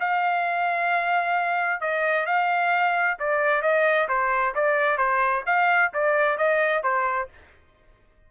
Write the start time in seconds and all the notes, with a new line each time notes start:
0.00 F5
1.80 D#5
2.26 F5
3.19 D5
3.62 D#5
4.08 C5
4.55 D5
4.98 C5
5.46 F5
5.93 D5
6.37 D#5
6.83 C5